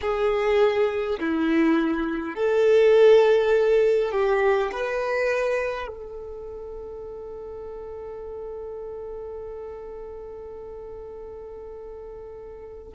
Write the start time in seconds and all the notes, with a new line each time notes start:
0.01 G#4
1.19 E4
2.35 A4
4.11 G4
4.72 B4
5.87 A4